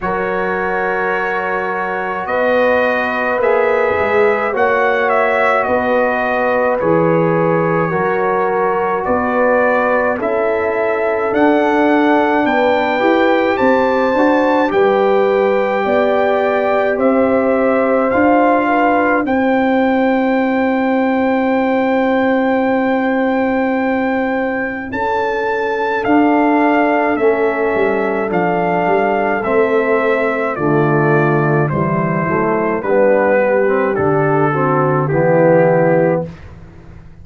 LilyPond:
<<
  \new Staff \with { instrumentName = "trumpet" } { \time 4/4 \tempo 4 = 53 cis''2 dis''4 e''4 | fis''8 e''8 dis''4 cis''2 | d''4 e''4 fis''4 g''4 | a''4 g''2 e''4 |
f''4 g''2.~ | g''2 a''4 f''4 | e''4 f''4 e''4 d''4 | c''4 b'4 a'4 g'4 | }
  \new Staff \with { instrumentName = "horn" } { \time 4/4 ais'2 b'2 | cis''4 b'2 ais'4 | b'4 a'2 b'4 | c''4 b'4 d''4 c''4~ |
c''8 b'8 c''2.~ | c''2 a'2~ | a'2. f'4 | e'4 d'8 g'4 fis'8 e'4 | }
  \new Staff \with { instrumentName = "trombone" } { \time 4/4 fis'2. gis'4 | fis'2 gis'4 fis'4~ | fis'4 e'4 d'4. g'8~ | g'8 fis'8 g'2. |
f'4 e'2.~ | e'2. d'4 | cis'4 d'4 c'4 a4 | g8 a8 b8. c'16 d'8 c'8 b4 | }
  \new Staff \with { instrumentName = "tuba" } { \time 4/4 fis2 b4 ais8 gis8 | ais4 b4 e4 fis4 | b4 cis'4 d'4 b8 e'8 | c'8 d'8 g4 b4 c'4 |
d'4 c'2.~ | c'2 cis'4 d'4 | a8 g8 f8 g8 a4 d4 | e8 fis8 g4 d4 e4 | }
>>